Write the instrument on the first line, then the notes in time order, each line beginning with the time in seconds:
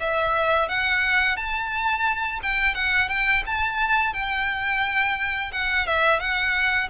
violin
0.00 E5
0.68 F#5
1.36 A5
2.42 G5
2.75 F#5
3.08 G5
3.46 A5
4.13 G5
5.52 F#5
5.86 E5
6.20 F#5